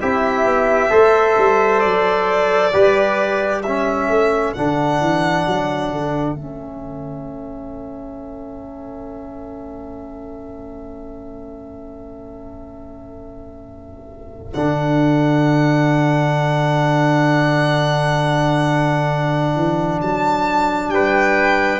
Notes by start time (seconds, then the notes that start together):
0.00 C4 E4 G4 E5
0.44 B3
0.90 A3 A4 C5
1.38 G3
1.80 F#3 D5
2.73 G3 G4 B4
3.62 C#4 A4 E5
4.09 A3
4.54 D3 D4 F#5
5.01 E3
5.47 F#3
5.92 D3
6.35 A3 C#4 E5
14.54 D3 D4 F#5
19.55 E3
20.02 F#3 A5
20.89 G3 B4 G5